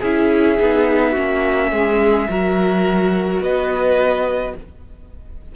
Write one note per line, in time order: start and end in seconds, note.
0.00 0.59 C#4
0.00 0.59 E4
0.00 1.11 G#4
0.00 3.42 E5
0.59 1.16 B3
0.59 1.15 D#4
1.11 1.71 A#3
1.11 2.28 C#4
1.11 1.68 F#4
1.71 2.28 G#3
1.71 2.29 G#4
2.28 3.40 F#3
2.28 4.54 F#4
2.28 3.42 A#4
3.40 4.54 B3
3.40 4.55 B4
3.40 4.55 D#5